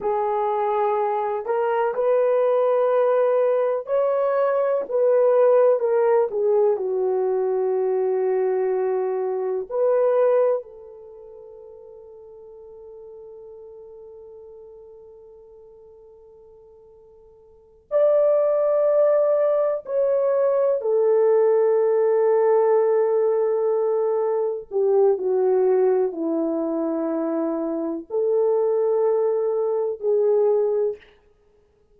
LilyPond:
\new Staff \with { instrumentName = "horn" } { \time 4/4 \tempo 4 = 62 gis'4. ais'8 b'2 | cis''4 b'4 ais'8 gis'8 fis'4~ | fis'2 b'4 a'4~ | a'1~ |
a'2~ a'8 d''4.~ | d''8 cis''4 a'2~ a'8~ | a'4. g'8 fis'4 e'4~ | e'4 a'2 gis'4 | }